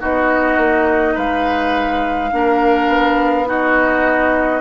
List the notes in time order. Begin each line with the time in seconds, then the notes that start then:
0.00 B3 D#4 F#4 D#5
0.58 A#3
1.15 G#3 B4 F5
2.32 A#3 D4 A#4
2.88 B3
3.46 D#4 F#4 D#5